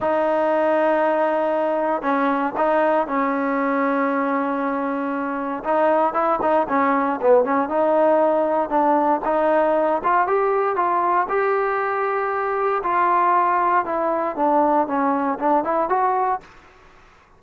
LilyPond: \new Staff \with { instrumentName = "trombone" } { \time 4/4 \tempo 4 = 117 dis'1 | cis'4 dis'4 cis'2~ | cis'2. dis'4 | e'8 dis'8 cis'4 b8 cis'8 dis'4~ |
dis'4 d'4 dis'4. f'8 | g'4 f'4 g'2~ | g'4 f'2 e'4 | d'4 cis'4 d'8 e'8 fis'4 | }